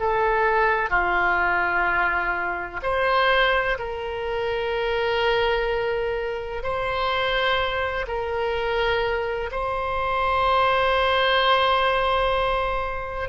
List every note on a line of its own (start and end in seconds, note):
0.00 0.90 A4
0.90 2.81 F4
2.83 3.78 C5
3.78 6.63 A#4
6.63 8.06 C5
8.07 9.50 A#4
9.52 13.29 C5